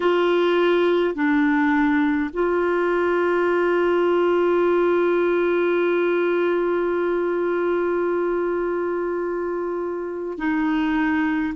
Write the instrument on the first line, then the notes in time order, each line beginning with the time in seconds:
clarinet
0.00 F4
1.14 D4
2.33 F4
10.38 D#4